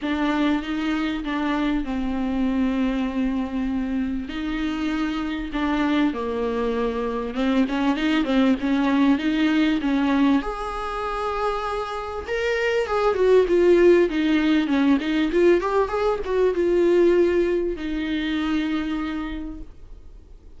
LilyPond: \new Staff \with { instrumentName = "viola" } { \time 4/4 \tempo 4 = 98 d'4 dis'4 d'4 c'4~ | c'2. dis'4~ | dis'4 d'4 ais2 | c'8 cis'8 dis'8 c'8 cis'4 dis'4 |
cis'4 gis'2. | ais'4 gis'8 fis'8 f'4 dis'4 | cis'8 dis'8 f'8 g'8 gis'8 fis'8 f'4~ | f'4 dis'2. | }